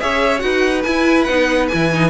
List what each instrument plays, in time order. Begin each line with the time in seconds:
0.00 cello C#4, viola G#4, violin C#5 E5
0.39 cello D#4, viola F#4, violin B4 F#5
0.83 viola E4, cello E4, violin G#5
1.24 cello B3, viola D#4, violin F#5
1.68 cello E3, viola E4, violin G#5
1.93 viola D#4